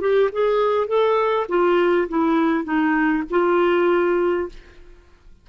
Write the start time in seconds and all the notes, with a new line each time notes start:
0.00 G4
0.32 G#4
0.87 A4
1.49 F4
2.09 E4
2.64 D#4
3.30 F4